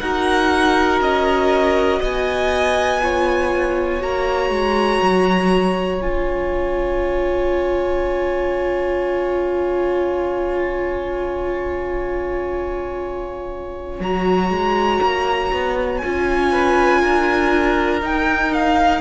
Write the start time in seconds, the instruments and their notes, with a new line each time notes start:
0.00 cello D#4, viola F#4, violin A#4 F#5
1.01 cello C#4, violin D#5
2.00 cello B3, violin D#5 G#5
3.02 viola F4, violin C#5
4.01 cello A#3, viola F#4, violin A#5
4.51 cello G#3
5.03 cello F#3
6.01 cello C#4, viola F4, violin G#5
14.01 cello F#3, viola F#4, violin A#5
14.51 cello G#3
15.02 cello A#3
15.53 cello B3
15.98 viola F4, violin G#5
16.05 cello C#4
16.52 violin B4
17.02 cello D4, violin A#4
18.02 viola D#4, cello D#4, violin G5
18.54 violin F5